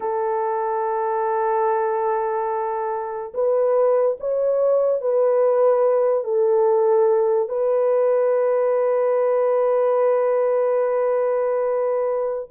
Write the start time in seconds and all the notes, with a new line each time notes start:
0.00 A4
3.34 B4
4.19 C#5
5.01 B4
6.23 A4
7.48 B4